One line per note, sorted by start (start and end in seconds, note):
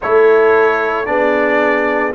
0.01 1.07 A3
0.01 1.05 E4
0.01 1.08 A4
0.01 1.05 C#5
1.05 2.14 B3
1.05 2.12 D4
1.05 2.14 G#4
1.05 2.12 D5